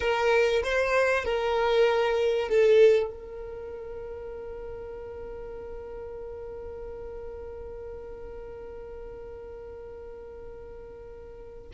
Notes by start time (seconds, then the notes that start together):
0.00 A#4
0.63 C5
1.24 A#4
2.48 A4
3.10 A#4